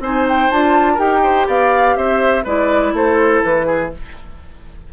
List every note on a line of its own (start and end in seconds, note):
0.00 0.49 C4
0.00 0.52 D#4
0.00 0.94 C5
0.00 0.27 G#5
0.29 0.51 G5
0.51 0.99 D4
0.51 0.98 F4
0.51 0.99 A5
0.94 1.48 D#4
0.94 2.44 G4
0.94 1.19 A#4
0.94 1.48 G5
1.24 1.48 C5
1.48 1.97 B3
1.48 1.97 D5
1.48 1.97 F5
1.97 2.45 C4
1.97 2.45 C5
1.97 2.46 E5
2.45 2.94 G#3
2.45 3.93 E4
2.45 2.93 B4
2.45 2.96 D5
2.94 3.42 A3
2.94 3.67 A4
2.94 3.44 C5
3.44 3.93 E3
3.44 3.92 B4
3.67 3.91 G#4